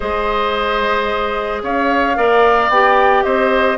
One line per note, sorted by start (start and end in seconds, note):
0.00 1.62 G#3
0.00 2.15 G#4
0.00 1.62 C5
0.00 1.62 D#5
1.62 2.16 C#4
1.62 2.17 C#5
1.62 2.69 F5
2.16 2.69 A#3
2.16 2.70 A#4
2.16 3.24 D5
2.69 3.23 B3
2.69 3.77 G4
2.69 3.23 G5
3.23 3.77 C4
3.23 3.77 C5
3.23 3.77 D#5